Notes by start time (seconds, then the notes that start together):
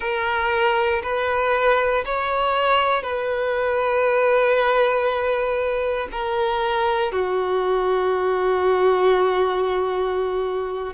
0.00 A#4
1.02 B4
2.05 C#5
3.02 B4
6.11 A#4
7.12 F#4